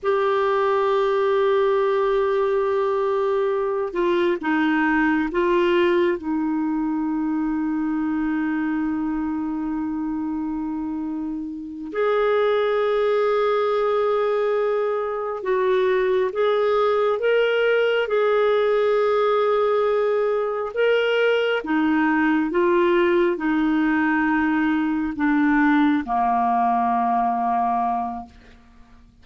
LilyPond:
\new Staff \with { instrumentName = "clarinet" } { \time 4/4 \tempo 4 = 68 g'1~ | g'8 f'8 dis'4 f'4 dis'4~ | dis'1~ | dis'4. gis'2~ gis'8~ |
gis'4. fis'4 gis'4 ais'8~ | ais'8 gis'2. ais'8~ | ais'8 dis'4 f'4 dis'4.~ | dis'8 d'4 ais2~ ais8 | }